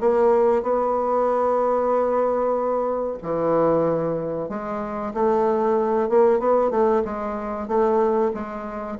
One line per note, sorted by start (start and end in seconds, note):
0.00 0.63 A#3
0.63 3.18 B3
3.23 4.49 E3
4.49 5.13 G#3
5.14 6.09 A3
6.09 6.39 A#3
6.39 6.71 B3
6.71 7.02 A3
7.04 7.68 G#3
7.68 8.32 A3
8.34 8.98 G#3